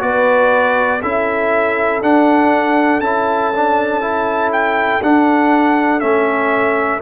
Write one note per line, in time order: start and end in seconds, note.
0.00 1.03 B3
0.00 1.00 F#4
0.00 1.02 B4
0.00 1.02 D5
1.02 2.02 C#4
1.02 2.03 E4
1.02 7.02 A4
1.02 2.02 E5
2.02 3.00 D4
2.02 3.03 D4
2.02 3.01 F#5
3.00 5.00 C#4
3.00 3.54 E4
3.00 4.51 A5
3.54 4.02 D4
4.02 5.02 E4
4.53 5.03 G5
5.03 6.03 D4
5.03 6.01 D4
5.03 6.00 F#5
6.00 7.02 A3
6.00 7.01 C#4
6.00 7.00 E5